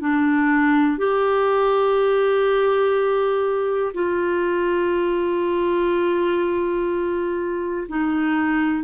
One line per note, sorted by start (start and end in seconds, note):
0.00 0.97 D4
0.97 3.93 G4
3.93 7.87 F4
7.88 8.83 D#4